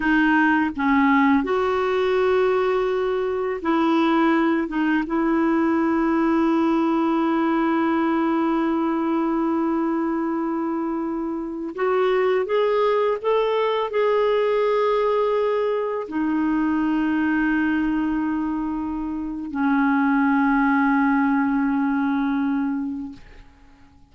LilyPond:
\new Staff \with { instrumentName = "clarinet" } { \time 4/4 \tempo 4 = 83 dis'4 cis'4 fis'2~ | fis'4 e'4. dis'8 e'4~ | e'1~ | e'1~ |
e'16 fis'4 gis'4 a'4 gis'8.~ | gis'2~ gis'16 dis'4.~ dis'16~ | dis'2. cis'4~ | cis'1 | }